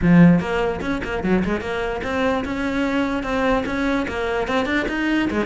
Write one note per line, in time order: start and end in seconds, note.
0.01 0.39 F3
0.39 0.80 A#3
0.81 1.01 C#4
1.03 1.23 A#3
1.23 1.43 F#3
1.44 1.60 G#3
1.60 2.01 A#3
2.03 2.44 C4
2.44 3.23 C#4
3.23 3.64 C4
3.65 4.06 C#4
4.07 4.47 A#3
4.47 4.65 C4
4.65 4.86 D4
4.88 5.29 D#4
5.30 5.46 G#3